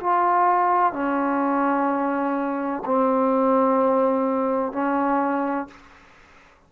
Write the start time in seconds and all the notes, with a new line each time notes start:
0.00 F4
0.93 C#4
2.85 C4
4.72 C#4